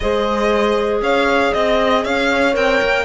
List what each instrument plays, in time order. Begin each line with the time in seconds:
0.00 cello G#3, clarinet G#4, horn C5, violin D#5
1.01 cello C#4, horn C#5, violin F5
1.52 cello C4, horn D#5, violin D#5
2.03 cello C#4, horn C#5, violin F5
2.53 cello C4, clarinet A#4, violin G5
2.81 cello A#3